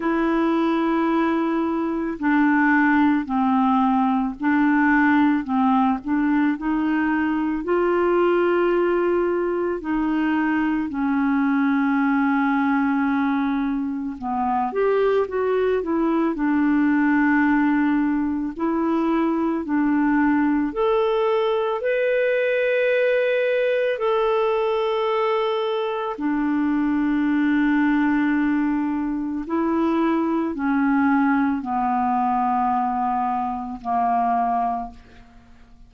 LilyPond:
\new Staff \with { instrumentName = "clarinet" } { \time 4/4 \tempo 4 = 55 e'2 d'4 c'4 | d'4 c'8 d'8 dis'4 f'4~ | f'4 dis'4 cis'2~ | cis'4 b8 g'8 fis'8 e'8 d'4~ |
d'4 e'4 d'4 a'4 | b'2 a'2 | d'2. e'4 | cis'4 b2 ais4 | }